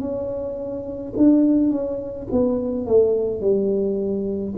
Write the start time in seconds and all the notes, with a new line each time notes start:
0.00 C#4
1.17 D4
1.70 C#4
2.32 B3
2.86 A3
3.41 G3